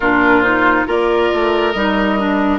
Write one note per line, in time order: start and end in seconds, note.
0.00 0.86 A#2
0.00 0.43 D4
0.00 0.86 F4
0.00 0.41 A#4
0.41 0.86 D#4
0.41 0.84 C5
0.86 1.30 A#3
0.86 1.73 F4
0.86 2.59 A#4
0.86 1.71 D5
1.33 1.74 A3
1.71 2.59 G3
1.71 2.18 D#4
1.71 2.58 D#5
2.18 2.59 D4